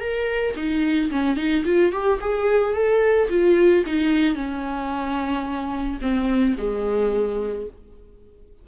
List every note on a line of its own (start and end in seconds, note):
0.00 0.55 A#4
0.56 1.10 D#4
1.11 1.37 C#4
1.37 1.64 D#4
1.65 1.92 F4
1.92 2.19 G4
2.20 2.74 G#4
2.74 3.28 A4
3.29 3.84 F4
3.86 4.35 D#4
4.35 5.99 C#4
6.01 6.56 C4
6.58 7.67 G#3